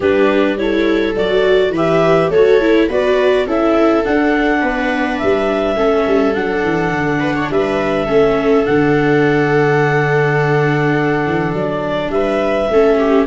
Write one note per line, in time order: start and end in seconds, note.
0.00 1.15 G3
0.00 0.57 D4
0.00 0.58 G4
0.00 0.58 B4
0.57 1.15 E4
0.57 1.72 A4
0.57 1.15 C#5
1.16 1.70 F#3
1.16 1.73 F#4
1.16 1.73 D5
1.70 2.28 E3
1.70 2.33 G4
1.70 2.30 B4
1.76 2.30 E5
2.29 2.87 A3
2.29 2.61 F#4
2.29 2.88 A4
2.29 2.88 C#5
2.61 2.89 E4
2.88 3.46 B3
2.88 3.47 F#4
2.88 3.46 B4
2.88 3.48 D5
3.46 4.04 C#4
3.46 4.04 E4
3.46 4.61 A4
3.46 4.04 E5
4.04 5.75 D4
4.04 4.62 D4
4.04 5.18 F#5
4.61 5.20 B3
4.61 5.76 B4
5.18 5.76 G3
5.18 6.33 E5
5.75 6.05 A3
5.75 6.33 C#4
5.75 7.19 A4
6.07 6.35 G3
6.34 6.63 F#3
6.34 8.07 D4
6.34 7.49 F#5
6.63 6.91 E3
6.91 7.48 D3
7.19 7.34 B4
7.35 7.50 C#5
7.50 8.07 G3
7.50 8.05 B4
7.50 8.65 E5
8.05 8.65 A3
8.05 8.64 C#4
8.05 12.09 A4
8.64 11.26 D3
8.64 12.68 D4
8.64 11.53 F#5
11.26 11.53 E3
11.53 12.09 F#3
11.53 12.11 D5
12.09 12.67 G3
12.09 12.71 B4
12.09 13.26 E5
12.69 13.26 A3
12.69 13.26 C#4
12.69 12.98 A4
12.98 13.26 G4